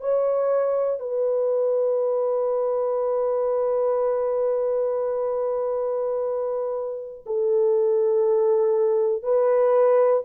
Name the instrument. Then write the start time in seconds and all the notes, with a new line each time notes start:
horn
0.00 C#5
1.00 B4
7.25 A4
9.23 B4